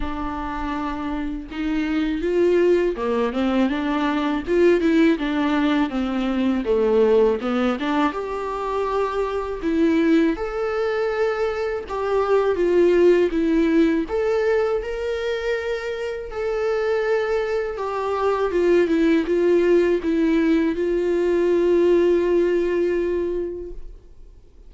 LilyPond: \new Staff \with { instrumentName = "viola" } { \time 4/4 \tempo 4 = 81 d'2 dis'4 f'4 | ais8 c'8 d'4 f'8 e'8 d'4 | c'4 a4 b8 d'8 g'4~ | g'4 e'4 a'2 |
g'4 f'4 e'4 a'4 | ais'2 a'2 | g'4 f'8 e'8 f'4 e'4 | f'1 | }